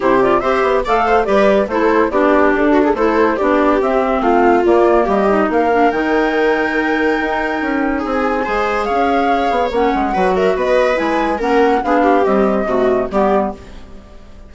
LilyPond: <<
  \new Staff \with { instrumentName = "flute" } { \time 4/4 \tempo 4 = 142 c''8 d''8 e''4 f''4 d''4 | c''4 d''4 a'4 c''4 | d''4 e''4 f''4 d''4 | dis''4 f''4 g''2~ |
g''2. gis''4~ | gis''4 f''2 fis''4~ | fis''8 e''8 dis''4 gis''4 fis''4 | f''4 dis''2 d''4 | }
  \new Staff \with { instrumentName = "viola" } { \time 4/4 g'4 c''4 d''8 c''8 b'4 | a'4 g'4. fis'16 gis'16 a'4 | g'2 f'2 | g'4 ais'2.~ |
ais'2. gis'4 | c''4 cis''2. | b'8 ais'8 b'2 ais'4 | gis'8 g'4. fis'4 g'4 | }
  \new Staff \with { instrumentName = "clarinet" } { \time 4/4 e'8 f'8 g'4 a'4 g'4 | e'4 d'2 e'4 | d'4 c'2 ais4~ | ais8 dis'4 d'8 dis'2~ |
dis'1 | gis'2. cis'4 | fis'2 e'4 cis'4 | d'4 g4 a4 b4 | }
  \new Staff \with { instrumentName = "bassoon" } { \time 4/4 c4 c'8 b8 a4 g4 | a4 b4 d'4 a4 | b4 c'4 a4 ais4 | g4 ais4 dis2~ |
dis4 dis'4 cis'4 c'4 | gis4 cis'4. b8 ais8 gis8 | fis4 b4 gis4 ais4 | b4 c'4 c4 g4 | }
>>